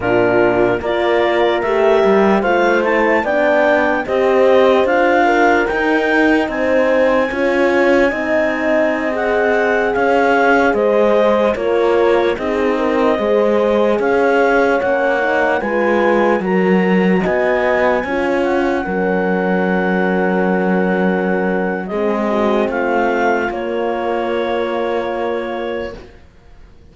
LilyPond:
<<
  \new Staff \with { instrumentName = "clarinet" } { \time 4/4 \tempo 4 = 74 ais'4 d''4 e''4 f''8 a''8 | g''4 dis''4 f''4 g''4 | gis''2.~ gis''16 fis''8.~ | fis''16 f''4 dis''4 cis''4 dis''8.~ |
dis''4~ dis''16 f''4 fis''4 gis''8.~ | gis''16 ais''4 gis''4. fis''4~ fis''16~ | fis''2. dis''4 | f''4 cis''2. | }
  \new Staff \with { instrumentName = "horn" } { \time 4/4 f'4 ais'2 c''4 | d''4 c''4. ais'4. | c''4 cis''4 dis''2~ | dis''16 cis''4 c''4 ais'4 gis'8 ais'16~ |
ais'16 c''4 cis''2 b'8.~ | b'16 ais'4 dis''4 cis''4 ais'8.~ | ais'2. gis'8 fis'8 | f'1 | }
  \new Staff \with { instrumentName = "horn" } { \time 4/4 d'4 f'4 g'4 f'8 e'8 | d'4 g'4 f'4 dis'4~ | dis'4 f'4 dis'4~ dis'16 gis'8.~ | gis'2~ gis'16 f'4 dis'8.~ |
dis'16 gis'2 cis'8 dis'8 f'8.~ | f'16 fis'2 f'4 cis'8.~ | cis'2. c'4~ | c'4 ais2. | }
  \new Staff \with { instrumentName = "cello" } { \time 4/4 ais,4 ais4 a8 g8 a4 | b4 c'4 d'4 dis'4 | c'4 cis'4 c'2~ | c'16 cis'4 gis4 ais4 c'8.~ |
c'16 gis4 cis'4 ais4 gis8.~ | gis16 fis4 b4 cis'4 fis8.~ | fis2. gis4 | a4 ais2. | }
>>